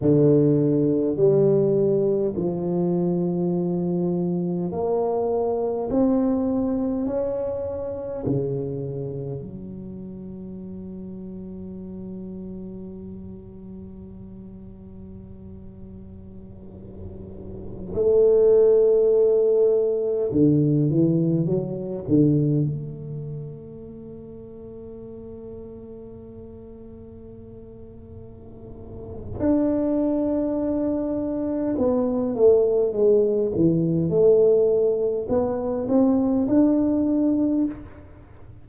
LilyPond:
\new Staff \with { instrumentName = "tuba" } { \time 4/4 \tempo 4 = 51 d4 g4 f2 | ais4 c'4 cis'4 cis4 | fis1~ | fis2.~ fis16 a8.~ |
a4~ a16 d8 e8 fis8 d8 a8.~ | a1~ | a4 d'2 b8 a8 | gis8 e8 a4 b8 c'8 d'4 | }